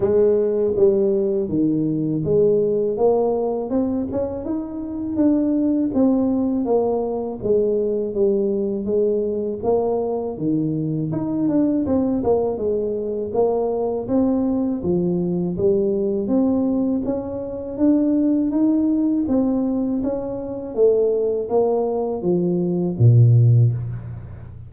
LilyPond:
\new Staff \with { instrumentName = "tuba" } { \time 4/4 \tempo 4 = 81 gis4 g4 dis4 gis4 | ais4 c'8 cis'8 dis'4 d'4 | c'4 ais4 gis4 g4 | gis4 ais4 dis4 dis'8 d'8 |
c'8 ais8 gis4 ais4 c'4 | f4 g4 c'4 cis'4 | d'4 dis'4 c'4 cis'4 | a4 ais4 f4 ais,4 | }